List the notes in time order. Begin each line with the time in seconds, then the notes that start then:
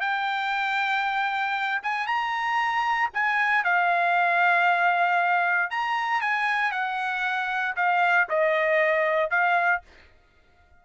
0.00 G5
1.82 G#5
2.06 A#5
3.13 G#5
3.64 F5
5.70 A#5
6.21 G#5
6.71 F#5
7.76 F5
8.29 D#5
9.30 F5